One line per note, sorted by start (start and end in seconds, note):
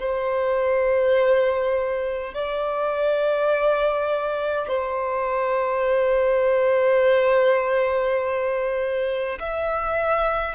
0.00 2.34 C5
2.34 4.68 D5
4.68 9.39 C5
9.40 10.55 E5